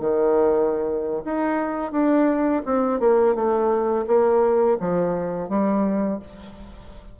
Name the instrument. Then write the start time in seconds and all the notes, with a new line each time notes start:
bassoon
0.00 D#3
1.25 D#4
1.92 D4
2.65 C4
3.00 A#3
3.35 A3
4.07 A#3
4.80 F3
5.49 G3